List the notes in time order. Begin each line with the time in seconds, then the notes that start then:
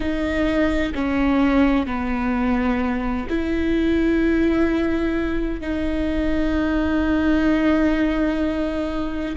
0.00 D#4
0.94 C#4
1.86 B3
3.29 E4
5.60 D#4